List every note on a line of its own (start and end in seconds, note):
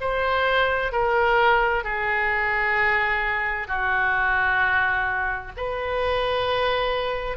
0.00 0.91 C5
0.91 1.84 A#4
1.84 3.67 G#4
3.67 5.52 F#4
5.56 7.37 B4